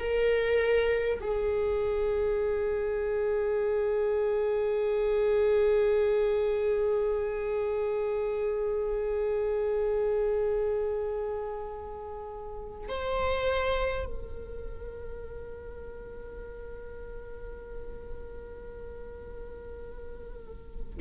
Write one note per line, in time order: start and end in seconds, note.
0.00 1.20 A#4
1.21 12.89 G#4
12.89 14.06 C5
14.06 20.96 A#4